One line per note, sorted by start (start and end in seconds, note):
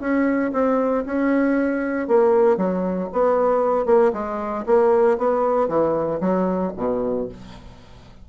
0.00 0.52 C#4
0.53 1.04 C4
1.06 2.08 C#4
2.08 2.57 A#3
2.57 3.09 F#3
3.13 3.86 B3
3.86 4.12 A#3
4.13 4.65 G#3
4.66 5.18 A#3
5.18 5.68 B3
5.68 6.20 E3
6.21 6.72 F#3
6.77 7.28 B2